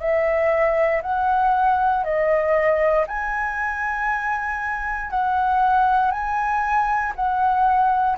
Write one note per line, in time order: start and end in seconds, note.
0.00 1.02 E5
1.02 2.04 F#5
2.04 3.06 D#5
3.07 5.11 G#5
5.11 6.11 F#5
6.11 7.13 G#5
7.16 8.17 F#5